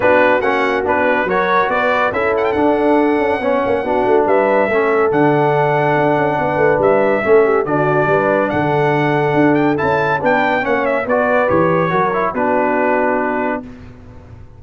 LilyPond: <<
  \new Staff \with { instrumentName = "trumpet" } { \time 4/4 \tempo 4 = 141 b'4 fis''4 b'4 cis''4 | d''4 e''8 fis''16 g''16 fis''2~ | fis''2 e''2 | fis''1 |
e''2 d''2 | fis''2~ fis''8 g''8 a''4 | g''4 fis''8 e''8 d''4 cis''4~ | cis''4 b'2. | }
  \new Staff \with { instrumentName = "horn" } { \time 4/4 fis'2. ais'4 | b'4 a'2. | cis''4 fis'4 b'4 a'4~ | a'2. b'4~ |
b'4 a'8 g'8 fis'4 b'4 | a'1 | b'4 cis''4 b'2 | ais'4 fis'2. | }
  \new Staff \with { instrumentName = "trombone" } { \time 4/4 d'4 cis'4 d'4 fis'4~ | fis'4 e'4 d'2 | cis'4 d'2 cis'4 | d'1~ |
d'4 cis'4 d'2~ | d'2. e'4 | d'4 cis'4 fis'4 g'4 | fis'8 e'8 d'2. | }
  \new Staff \with { instrumentName = "tuba" } { \time 4/4 b4 ais4 b4 fis4 | b4 cis'4 d'4. cis'8 | b8 ais8 b8 a8 g4 a4 | d2 d'8 cis'8 b8 a8 |
g4 a4 d4 g4 | d2 d'4 cis'4 | b4 ais4 b4 e4 | fis4 b2. | }
>>